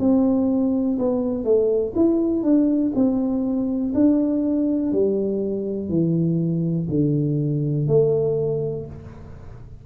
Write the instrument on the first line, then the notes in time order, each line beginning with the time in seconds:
tuba
0.00 C4
0.99 B3
1.44 A3
1.96 E4
2.43 D4
2.95 C4
3.95 D4
4.92 G3
5.89 E3
6.90 D3
7.88 A3